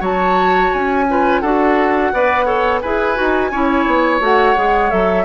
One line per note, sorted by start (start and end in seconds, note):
0.00 0.70 F#3
0.00 1.05 F#4
0.00 1.05 C#5
0.00 0.73 A5
0.73 1.42 C#4
0.73 1.40 G#5
1.09 1.44 F4
1.09 1.41 B4
1.40 2.12 D4
1.40 2.14 F#4
1.40 2.11 A4
1.40 2.80 F#5
2.13 2.83 B3
2.13 2.46 B4
2.13 2.45 D5
2.45 2.81 A4
2.45 2.80 C#5
2.80 3.18 E4
2.80 3.15 G#4
2.80 3.51 B4
2.80 4.20 G#5
3.15 3.51 D#4
3.15 3.50 F#4
3.51 3.86 C#4
3.51 4.20 E4
3.51 5.25 C#5
3.86 4.20 B3
4.20 4.55 A3
4.20 4.55 F#4
4.20 4.90 F#5
4.56 4.92 G#3
4.56 4.90 G#4
4.90 5.25 F#3
4.90 5.25 A4
4.90 5.25 E5